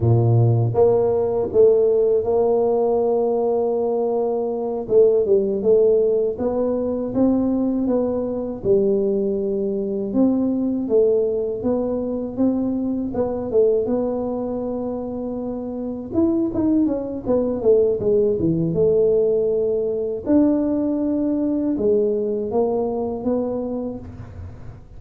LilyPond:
\new Staff \with { instrumentName = "tuba" } { \time 4/4 \tempo 4 = 80 ais,4 ais4 a4 ais4~ | ais2~ ais8 a8 g8 a8~ | a8 b4 c'4 b4 g8~ | g4. c'4 a4 b8~ |
b8 c'4 b8 a8 b4.~ | b4. e'8 dis'8 cis'8 b8 a8 | gis8 e8 a2 d'4~ | d'4 gis4 ais4 b4 | }